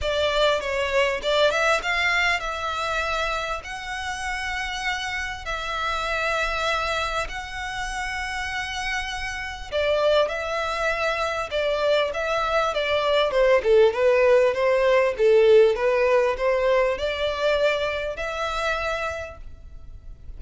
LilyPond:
\new Staff \with { instrumentName = "violin" } { \time 4/4 \tempo 4 = 99 d''4 cis''4 d''8 e''8 f''4 | e''2 fis''2~ | fis''4 e''2. | fis''1 |
d''4 e''2 d''4 | e''4 d''4 c''8 a'8 b'4 | c''4 a'4 b'4 c''4 | d''2 e''2 | }